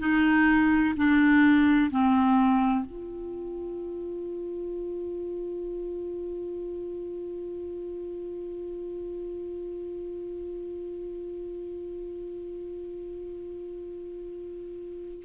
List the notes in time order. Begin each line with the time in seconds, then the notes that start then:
0.00 D#4
0.97 D4
1.91 C4
2.86 F4